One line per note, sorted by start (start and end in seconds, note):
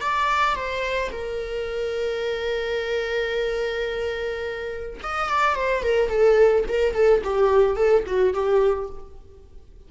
0.00 0.55 D5
0.55 1.11 C5
1.11 5.00 A#4
5.03 5.29 D#5
5.29 5.55 D5
5.55 5.83 C5
5.83 6.09 A#4
6.09 6.64 A4
6.68 6.94 A#4
6.94 7.21 A4
7.23 7.76 G4
7.76 8.04 A4
8.06 8.33 F#4
8.33 8.89 G4